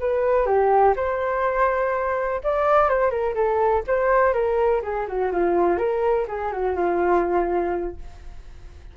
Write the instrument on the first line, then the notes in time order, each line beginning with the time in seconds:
flute
0.00 B4
0.46 G4
0.97 C5
2.44 D5
2.90 C5
3.11 A#4
3.35 A4
3.88 C5
4.34 A#4
4.83 G#4
5.08 F#4
5.32 F4
5.78 A#4
6.28 G#4
6.53 F#4
6.76 F4